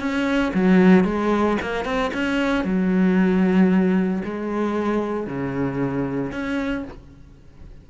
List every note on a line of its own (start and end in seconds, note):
0.00 0.53 C#4
0.55 1.05 F#3
1.05 1.58 G#3
1.62 1.85 A#3
1.85 2.11 C4
2.14 2.65 C#4
2.65 4.23 F#3
4.25 5.27 G#3
5.27 6.32 C#3
6.32 6.84 C#4